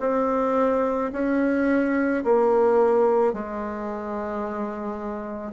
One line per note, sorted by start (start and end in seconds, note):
0.00 1.11 C4
1.12 2.23 C#4
2.24 3.33 A#3
3.33 5.53 G#3